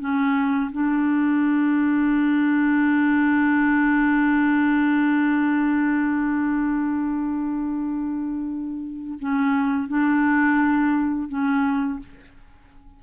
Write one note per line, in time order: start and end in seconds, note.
0.00 0.71 C#4
0.72 9.19 D4
9.20 9.89 C#4
9.89 11.29 D4
11.29 11.99 C#4